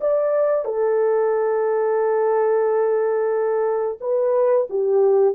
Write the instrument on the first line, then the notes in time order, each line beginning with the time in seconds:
horn
0.00 D5
0.65 A4
4.00 B4
4.69 G4